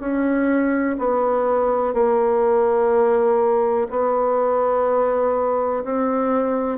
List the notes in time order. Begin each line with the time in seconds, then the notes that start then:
0.00 C#4
0.99 B3
1.94 A#3
3.90 B3
5.84 C4